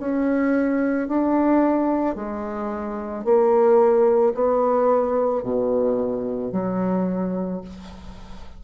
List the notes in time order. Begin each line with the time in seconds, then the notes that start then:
0.00 C#4
1.08 D4
2.16 G#3
3.25 A#3
4.35 B3
5.43 B2
6.53 F#3